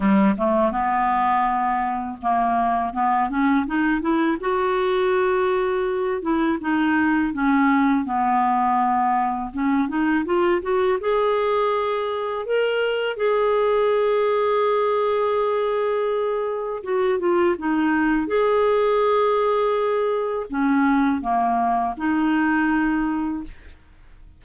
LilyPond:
\new Staff \with { instrumentName = "clarinet" } { \time 4/4 \tempo 4 = 82 g8 a8 b2 ais4 | b8 cis'8 dis'8 e'8 fis'2~ | fis'8 e'8 dis'4 cis'4 b4~ | b4 cis'8 dis'8 f'8 fis'8 gis'4~ |
gis'4 ais'4 gis'2~ | gis'2. fis'8 f'8 | dis'4 gis'2. | cis'4 ais4 dis'2 | }